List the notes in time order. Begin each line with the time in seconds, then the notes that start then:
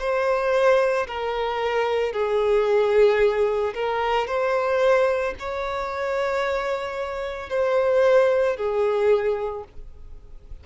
0.00 C5
1.08 A#4
2.13 G#4
3.75 A#4
4.28 C5
5.40 C#5
7.50 C5
8.57 G#4